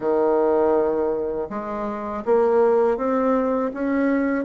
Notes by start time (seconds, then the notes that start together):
0.00 D#3
1.49 G#3
2.25 A#3
2.97 C4
3.73 C#4